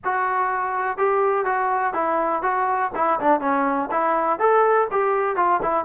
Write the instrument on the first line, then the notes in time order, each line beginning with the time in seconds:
trombone
0.04 F#4
0.97 G4
1.45 F#4
1.93 E4
2.42 F#4
2.95 E4
3.20 D4
3.40 C#4
3.91 E4
4.39 A4
4.91 G4
5.36 F4
5.62 E4